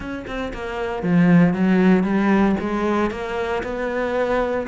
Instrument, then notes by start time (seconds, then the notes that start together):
cello
0.00 C#4
0.27 C4
0.53 A#3
1.03 F3
1.53 F#3
2.03 G3
2.60 G#3
3.11 A#3
3.63 B3